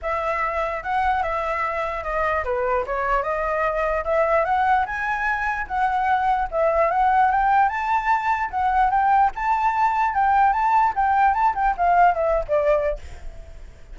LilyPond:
\new Staff \with { instrumentName = "flute" } { \time 4/4 \tempo 4 = 148 e''2 fis''4 e''4~ | e''4 dis''4 b'4 cis''4 | dis''2 e''4 fis''4 | gis''2 fis''2 |
e''4 fis''4 g''4 a''4~ | a''4 fis''4 g''4 a''4~ | a''4 g''4 a''4 g''4 | a''8 g''8 f''4 e''8. d''4~ d''16 | }